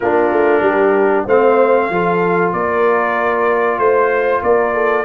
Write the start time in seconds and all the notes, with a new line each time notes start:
0.00 A#3 D4 F4 A#4
0.32 A3
0.61 G3 G4
1.25 A3 C4 C5 F5
1.89 F3 F4 A4
2.52 A#3 A#4 D5
3.78 A3 C5
4.42 A#3 A#4 D5
4.73 A4